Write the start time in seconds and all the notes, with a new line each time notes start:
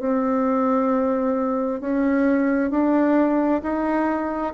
0.00 C4
1.81 C#4
2.71 D4
3.63 D#4